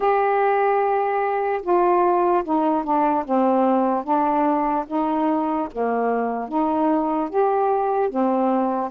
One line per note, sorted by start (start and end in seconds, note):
0.00 1.61 G4
1.62 2.43 F4
2.44 2.84 D#4
2.84 3.24 D4
3.25 4.04 C4
4.04 4.85 D4
4.87 5.68 D#4
5.72 6.48 A#3
6.48 7.29 D#4
7.29 8.09 G4
8.09 8.90 C4